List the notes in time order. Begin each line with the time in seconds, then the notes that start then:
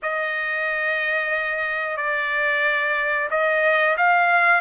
0.02 D#5
1.97 D5
3.30 D#5
3.97 F5